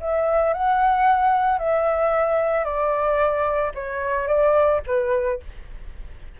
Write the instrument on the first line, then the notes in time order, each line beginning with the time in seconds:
flute
0.00 E5
0.53 F#5
1.58 E5
2.64 D5
3.74 C#5
4.27 D5
4.87 B4